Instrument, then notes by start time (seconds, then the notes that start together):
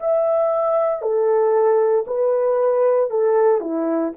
horn
0.00 E5
1.02 A4
2.07 B4
3.10 A4
3.61 E4